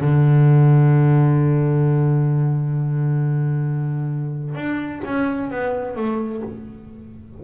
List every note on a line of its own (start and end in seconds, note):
0.00 4.55 D3
4.55 5.01 D4
5.05 5.50 C#4
5.50 5.96 B3
5.96 6.42 A3